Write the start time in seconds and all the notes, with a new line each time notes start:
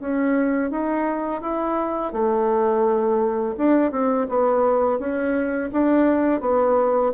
0.00 C#4
0.71 D#4
1.42 E4
2.13 A3
3.57 D4
3.92 C4
4.29 B3
4.99 C#4
5.72 D4
6.41 B3